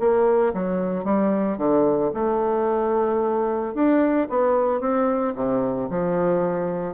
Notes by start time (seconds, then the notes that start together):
0.00 A#3
0.54 F#3
1.05 G3
1.58 D3
2.14 A3
3.75 D4
4.30 B3
4.81 C4
5.36 C3
5.90 F3